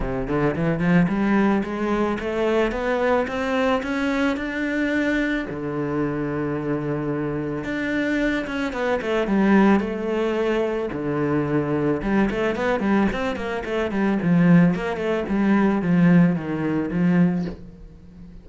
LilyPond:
\new Staff \with { instrumentName = "cello" } { \time 4/4 \tempo 4 = 110 c8 d8 e8 f8 g4 gis4 | a4 b4 c'4 cis'4 | d'2 d2~ | d2 d'4. cis'8 |
b8 a8 g4 a2 | d2 g8 a8 b8 g8 | c'8 ais8 a8 g8 f4 ais8 a8 | g4 f4 dis4 f4 | }